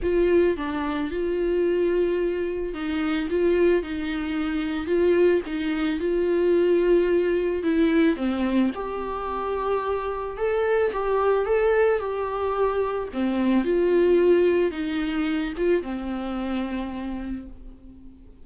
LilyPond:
\new Staff \with { instrumentName = "viola" } { \time 4/4 \tempo 4 = 110 f'4 d'4 f'2~ | f'4 dis'4 f'4 dis'4~ | dis'4 f'4 dis'4 f'4~ | f'2 e'4 c'4 |
g'2. a'4 | g'4 a'4 g'2 | c'4 f'2 dis'4~ | dis'8 f'8 c'2. | }